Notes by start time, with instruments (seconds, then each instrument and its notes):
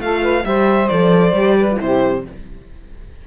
0.00 cello A3, horn F4, saxophone A4, violin F5
0.22 saxophone B4
0.45 cello G3, horn G4, saxophone C5, violin E5
0.88 cello F3, horn A4, violin D5
1.33 cello G3, horn G4
1.59 saxophone B4
1.72 horn F4
1.78 cello C3, horn E4, saxophone G4, violin C5